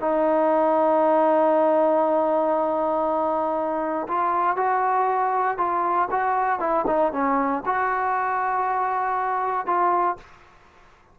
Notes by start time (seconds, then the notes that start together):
0.00 D#4
4.08 F4
4.56 F#4
5.57 F4
6.10 F#4
6.59 E4
6.87 D#4
7.12 C#4
7.65 F#4
9.66 F4